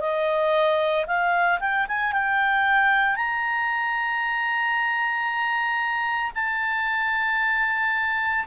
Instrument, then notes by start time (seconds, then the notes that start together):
clarinet
0.00 D#5
1.06 F5
1.59 G5
1.88 G#5
2.12 G5
3.15 A#5
6.34 A5